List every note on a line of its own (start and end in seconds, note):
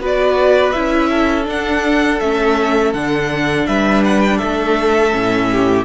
0.00 0.73 B3
0.00 0.74 F#4
0.00 1.10 B4
0.06 0.72 D5
0.72 1.48 C#4
0.72 1.44 E4
0.72 1.45 E5
1.10 3.66 A4
1.44 2.17 D4
1.44 2.21 D4
1.44 2.20 F#5
2.20 2.94 A3
2.20 2.95 C#4
2.20 2.93 E5
2.94 3.67 D3
2.94 5.11 D4
2.94 3.67 F#5
3.67 4.41 G3
3.67 4.38 B4
3.67 4.04 E5
4.05 4.21 F#5
4.21 4.38 G5
4.38 5.14 A3
4.38 5.48 A4
4.38 5.85 E5
5.11 5.85 A2
5.11 5.84 C#4
5.51 5.85 G4